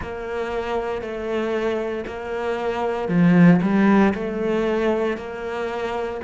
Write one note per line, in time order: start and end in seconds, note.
0.01 1.01 A#3
1.01 2.05 A3
2.06 3.08 A#3
3.08 3.60 F3
3.62 4.13 G3
4.14 5.17 A3
5.17 6.20 A#3